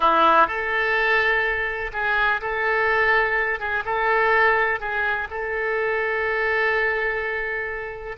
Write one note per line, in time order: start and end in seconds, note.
0.00 0.47 E4
0.47 1.91 A4
1.92 2.40 G#4
2.41 3.59 A4
3.59 3.83 G#4
3.85 4.80 A4
4.80 5.28 G#4
5.30 8.17 A4